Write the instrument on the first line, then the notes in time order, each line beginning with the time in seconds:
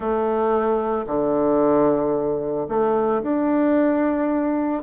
bassoon
0.00 A3
1.06 D3
2.68 A3
3.22 D4